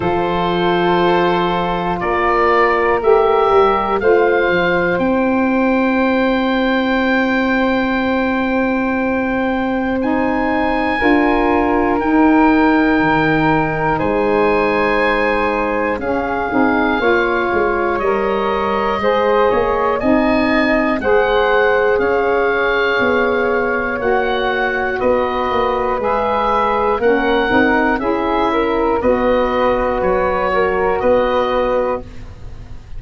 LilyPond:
<<
  \new Staff \with { instrumentName = "oboe" } { \time 4/4 \tempo 4 = 60 c''2 d''4 e''4 | f''4 g''2.~ | g''2 gis''2 | g''2 gis''2 |
f''2 dis''2 | gis''4 fis''4 f''2 | fis''4 dis''4 e''4 fis''4 | e''4 dis''4 cis''4 dis''4 | }
  \new Staff \with { instrumentName = "flute" } { \time 4/4 a'2 ais'2 | c''1~ | c''2. ais'4~ | ais'2 c''2 |
gis'4 cis''2 c''8 cis''8 | dis''4 c''4 cis''2~ | cis''4 b'2 ais'4 | gis'8 ais'8 b'4. ais'8 b'4 | }
  \new Staff \with { instrumentName = "saxophone" } { \time 4/4 f'2. g'4 | f'4 e'2.~ | e'2 dis'4 f'4 | dis'1 |
cis'8 dis'8 f'4 ais'4 gis'4 | dis'4 gis'2. | fis'2 gis'4 cis'8 dis'8 | e'4 fis'2. | }
  \new Staff \with { instrumentName = "tuba" } { \time 4/4 f2 ais4 a8 g8 | a8 f8 c'2.~ | c'2. d'4 | dis'4 dis4 gis2 |
cis'8 c'8 ais8 gis8 g4 gis8 ais8 | c'4 gis4 cis'4 b4 | ais4 b8 ais8 gis4 ais8 c'8 | cis'4 b4 fis4 b4 | }
>>